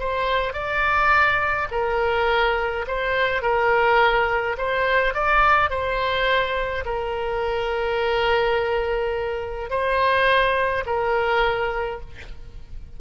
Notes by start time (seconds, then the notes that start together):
0.00 C5
0.54 D5
1.72 A#4
2.88 C5
3.43 A#4
4.58 C5
5.14 D5
5.71 C5
6.86 A#4
9.70 C5
10.86 A#4